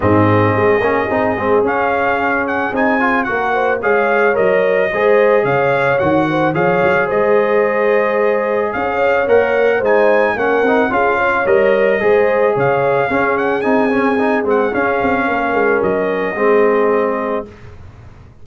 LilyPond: <<
  \new Staff \with { instrumentName = "trumpet" } { \time 4/4 \tempo 4 = 110 dis''2. f''4~ | f''8 fis''8 gis''4 fis''4 f''4 | dis''2 f''4 fis''4 | f''4 dis''2. |
f''4 fis''4 gis''4 fis''4 | f''4 dis''2 f''4~ | f''8 fis''8 gis''4. fis''8 f''4~ | f''4 dis''2. | }
  \new Staff \with { instrumentName = "horn" } { \time 4/4 gis'1~ | gis'2 ais'8 c''8 cis''4~ | cis''4 c''4 cis''4. c''8 | cis''4 c''2. |
cis''2 c''4 ais'4 | gis'8 cis''4. c''4 cis''4 | gis'1 | ais'2 gis'2 | }
  \new Staff \with { instrumentName = "trombone" } { \time 4/4 c'4. cis'8 dis'8 c'8 cis'4~ | cis'4 dis'8 f'8 fis'4 gis'4 | ais'4 gis'2 fis'4 | gis'1~ |
gis'4 ais'4 dis'4 cis'8 dis'8 | f'4 ais'4 gis'2 | cis'4 dis'8 cis'8 dis'8 c'8 cis'4~ | cis'2 c'2 | }
  \new Staff \with { instrumentName = "tuba" } { \time 4/4 gis,4 gis8 ais8 c'8 gis8 cis'4~ | cis'4 c'4 ais4 gis4 | fis4 gis4 cis4 dis4 | f8 fis8 gis2. |
cis'4 ais4 gis4 ais8 c'8 | cis'4 g4 gis4 cis4 | cis'4 c'4. gis8 cis'8 c'8 | ais8 gis8 fis4 gis2 | }
>>